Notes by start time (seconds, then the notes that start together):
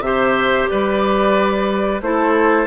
0.00 C3 G4 C5 E5
0.69 G3 B4 D5
2.01 A3 E4 A4 C5